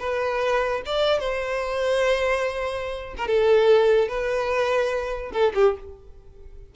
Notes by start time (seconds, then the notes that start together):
0.00 B4
0.86 D5
1.20 C5
3.17 A#4
3.28 A4
4.09 B4
5.33 A4
5.55 G4